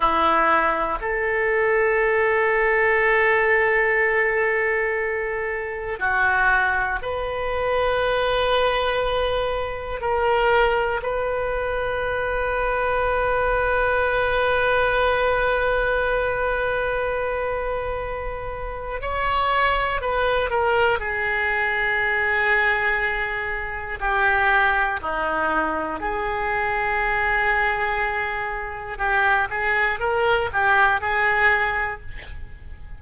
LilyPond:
\new Staff \with { instrumentName = "oboe" } { \time 4/4 \tempo 4 = 60 e'4 a'2.~ | a'2 fis'4 b'4~ | b'2 ais'4 b'4~ | b'1~ |
b'2. cis''4 | b'8 ais'8 gis'2. | g'4 dis'4 gis'2~ | gis'4 g'8 gis'8 ais'8 g'8 gis'4 | }